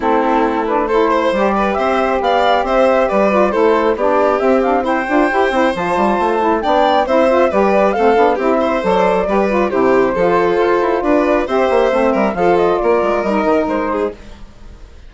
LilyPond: <<
  \new Staff \with { instrumentName = "flute" } { \time 4/4 \tempo 4 = 136 a'4. b'8 c''4 d''4 | e''4 f''4 e''4 d''4 | c''4 d''4 e''8 f''8 g''4~ | g''4 a''2 g''4 |
e''4 d''4 f''4 e''4 | d''2 c''2~ | c''4 d''4 e''2 | f''8 dis''8 d''4 dis''4 c''4 | }
  \new Staff \with { instrumentName = "violin" } { \time 4/4 e'2 a'8 c''4 b'8 | c''4 d''4 c''4 b'4 | a'4 g'2 c''4~ | c''2. d''4 |
c''4 b'4 a'4 g'8 c''8~ | c''4 b'4 g'4 a'4~ | a'4 b'4 c''4. ais'8 | a'4 ais'2~ ais'8 gis'8 | }
  \new Staff \with { instrumentName = "saxophone" } { \time 4/4 c'4. d'8 e'4 g'4~ | g'2.~ g'8 f'8 | e'4 d'4 c'8 d'8 e'8 f'8 | g'8 e'8 f'4. e'8 d'4 |
e'8 f'8 g'4 c'8 d'8 e'4 | a'4 g'8 f'8 e'4 f'4~ | f'2 g'4 c'4 | f'2 dis'2 | }
  \new Staff \with { instrumentName = "bassoon" } { \time 4/4 a2. g4 | c'4 b4 c'4 g4 | a4 b4 c'4. d'8 | e'8 c'8 f8 g8 a4 b4 |
c'4 g4 a8 b8 c'4 | fis4 g4 c4 f4 | f'8 e'8 d'4 c'8 ais8 a8 g8 | f4 ais8 gis8 g8 dis8 gis4 | }
>>